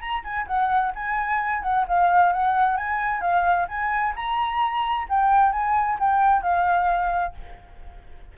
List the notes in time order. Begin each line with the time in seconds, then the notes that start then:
0.00 A#5
0.24 G#5
0.47 F#5
0.95 G#5
1.62 F#5
1.87 F5
2.32 F#5
2.76 G#5
3.21 F5
3.68 G#5
4.15 A#5
5.09 G5
5.52 G#5
5.99 G5
6.42 F5